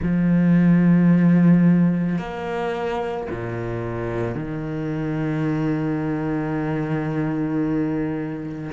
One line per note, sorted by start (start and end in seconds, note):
0.02 2.18 F3
2.18 3.27 A#3
3.30 4.34 A#2
4.34 8.71 D#3